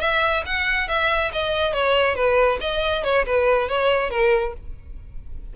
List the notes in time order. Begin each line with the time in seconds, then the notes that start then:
0.00 E5
0.45 F#5
0.88 E5
1.32 D#5
1.73 C#5
2.15 B4
2.60 D#5
3.04 C#5
3.26 B4
3.68 C#5
4.10 A#4